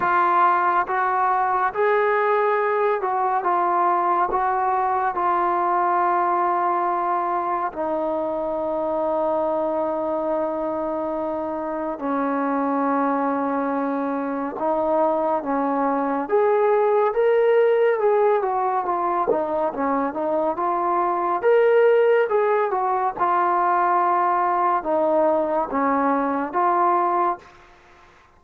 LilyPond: \new Staff \with { instrumentName = "trombone" } { \time 4/4 \tempo 4 = 70 f'4 fis'4 gis'4. fis'8 | f'4 fis'4 f'2~ | f'4 dis'2.~ | dis'2 cis'2~ |
cis'4 dis'4 cis'4 gis'4 | ais'4 gis'8 fis'8 f'8 dis'8 cis'8 dis'8 | f'4 ais'4 gis'8 fis'8 f'4~ | f'4 dis'4 cis'4 f'4 | }